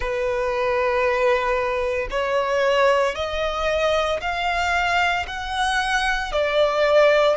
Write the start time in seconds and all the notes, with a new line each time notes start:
0.00 B4
2.10 C#5
3.15 D#5
4.21 F5
5.27 F#5
6.32 D5